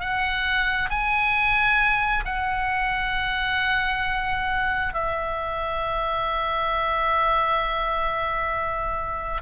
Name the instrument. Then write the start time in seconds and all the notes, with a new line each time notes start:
oboe
0.00 F#5
0.90 G#5
2.25 F#5
4.94 E5